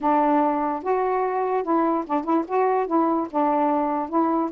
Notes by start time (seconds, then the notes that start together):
0.01 D4
0.82 F#4
1.63 E4
2.06 D4
2.24 E4
2.47 F#4
2.86 E4
3.30 D4
4.09 E4